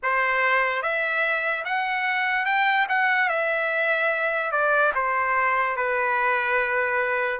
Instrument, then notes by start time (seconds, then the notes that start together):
trumpet
0.02 C5
0.82 E5
1.64 F#5
2.45 G5
2.88 F#5
3.28 E5
4.51 D5
4.94 C5
5.76 B4